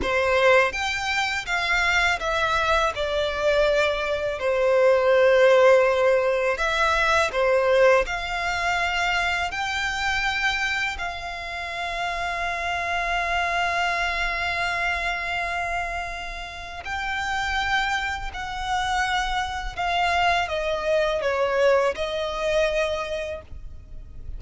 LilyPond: \new Staff \with { instrumentName = "violin" } { \time 4/4 \tempo 4 = 82 c''4 g''4 f''4 e''4 | d''2 c''2~ | c''4 e''4 c''4 f''4~ | f''4 g''2 f''4~ |
f''1~ | f''2. g''4~ | g''4 fis''2 f''4 | dis''4 cis''4 dis''2 | }